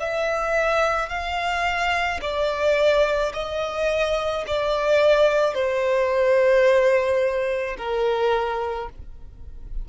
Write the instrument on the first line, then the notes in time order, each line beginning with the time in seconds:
violin
0.00 E5
1.10 F5
2.22 D5
3.34 D#5
4.47 D5
5.55 C5
7.78 A#4